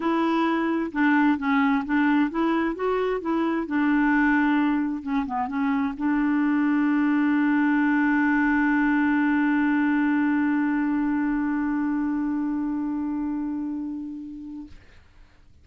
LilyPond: \new Staff \with { instrumentName = "clarinet" } { \time 4/4 \tempo 4 = 131 e'2 d'4 cis'4 | d'4 e'4 fis'4 e'4 | d'2. cis'8 b8 | cis'4 d'2.~ |
d'1~ | d'1~ | d'1~ | d'1 | }